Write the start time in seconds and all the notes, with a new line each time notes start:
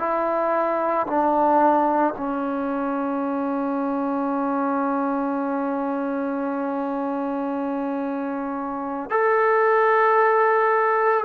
0.00 E4
1.07 D4
2.18 C#4
9.11 A4